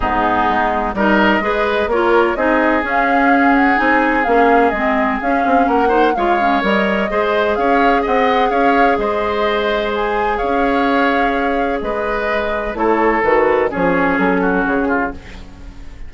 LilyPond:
<<
  \new Staff \with { instrumentName = "flute" } { \time 4/4 \tempo 4 = 127 gis'2 dis''2 | cis''4 dis''4 f''4. fis''8 | gis''4 f''4 dis''4 f''4 | fis''4 f''4 dis''2 |
f''4 fis''4 f''4 dis''4~ | dis''4 gis''4 f''2~ | f''4 dis''2 cis''4 | b'4 cis''4 a'4 gis'4 | }
  \new Staff \with { instrumentName = "oboe" } { \time 4/4 dis'2 ais'4 b'4 | ais'4 gis'2.~ | gis'1 | ais'8 c''8 cis''2 c''4 |
cis''4 dis''4 cis''4 c''4~ | c''2 cis''2~ | cis''4 b'2 a'4~ | a'4 gis'4. fis'4 f'8 | }
  \new Staff \with { instrumentName = "clarinet" } { \time 4/4 b2 dis'4 gis'4 | f'4 dis'4 cis'2 | dis'4 cis'4 c'4 cis'4~ | cis'8 dis'8 f'8 cis'8 ais'4 gis'4~ |
gis'1~ | gis'1~ | gis'2. e'4 | fis'4 cis'2. | }
  \new Staff \with { instrumentName = "bassoon" } { \time 4/4 gis,4 gis4 g4 gis4 | ais4 c'4 cis'2 | c'4 ais4 gis4 cis'8 c'8 | ais4 gis4 g4 gis4 |
cis'4 c'4 cis'4 gis4~ | gis2 cis'2~ | cis'4 gis2 a4 | dis4 f4 fis4 cis4 | }
>>